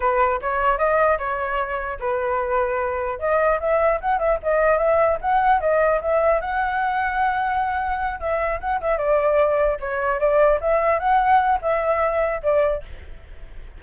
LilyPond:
\new Staff \with { instrumentName = "flute" } { \time 4/4 \tempo 4 = 150 b'4 cis''4 dis''4 cis''4~ | cis''4 b'2. | dis''4 e''4 fis''8 e''8 dis''4 | e''4 fis''4 dis''4 e''4 |
fis''1~ | fis''8 e''4 fis''8 e''8 d''4.~ | d''8 cis''4 d''4 e''4 fis''8~ | fis''4 e''2 d''4 | }